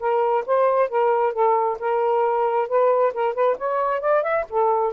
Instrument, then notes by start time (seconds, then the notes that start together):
saxophone
0.00 A#4
0.47 C5
0.89 A#4
1.33 A4
1.80 A#4
2.68 B4
3.14 A#4
3.34 B4
3.58 C#5
4.01 D5
4.23 E5
4.50 A4